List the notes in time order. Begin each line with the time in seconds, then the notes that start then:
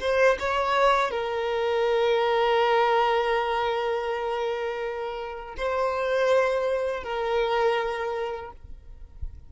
0.00 C5
0.39 C#5
1.10 A#4
5.57 C5
7.03 A#4